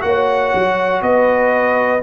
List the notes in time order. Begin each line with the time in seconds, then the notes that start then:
0.00 A#3 F#4 F#5
0.06 C#5
0.54 F#3
1.02 B3 B4 D#5